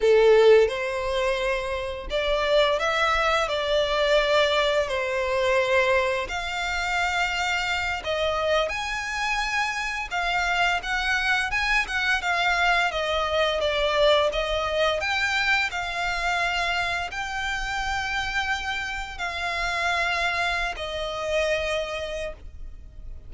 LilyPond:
\new Staff \with { instrumentName = "violin" } { \time 4/4 \tempo 4 = 86 a'4 c''2 d''4 | e''4 d''2 c''4~ | c''4 f''2~ f''8 dis''8~ | dis''8 gis''2 f''4 fis''8~ |
fis''8 gis''8 fis''8 f''4 dis''4 d''8~ | d''8 dis''4 g''4 f''4.~ | f''8 g''2. f''8~ | f''4.~ f''16 dis''2~ dis''16 | }